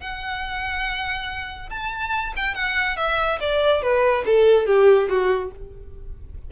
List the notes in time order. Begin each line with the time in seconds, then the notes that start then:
0.00 F#5
1.70 A5
2.36 G5
2.54 F#5
2.97 E5
3.40 D5
3.82 B4
4.26 A4
4.66 G4
5.09 F#4